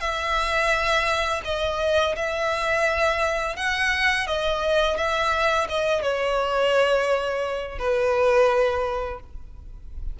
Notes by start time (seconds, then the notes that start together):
0.00 E5
1.44 D#5
2.15 E5
3.56 F#5
4.26 D#5
4.97 E5
5.69 D#5
6.02 C#5
7.78 B4